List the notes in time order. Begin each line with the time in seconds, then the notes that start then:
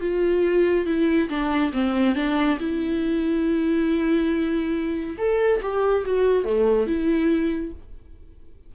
0.00 F4
0.86 E4
1.29 D4
1.73 C4
2.15 D4
2.59 E4
5.18 A4
5.61 G4
6.05 F#4
6.44 A3
6.86 E4